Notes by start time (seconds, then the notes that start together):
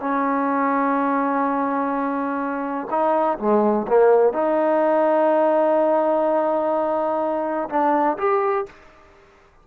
0.00 C#4
2.90 D#4
3.38 G#3
3.88 A#3
4.33 D#4
7.69 D4
8.18 G4